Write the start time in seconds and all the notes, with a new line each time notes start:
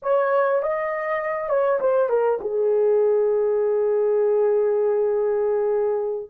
0.02 C#5
0.62 D#5
1.49 C#5
1.80 C5
2.09 A#4
2.40 G#4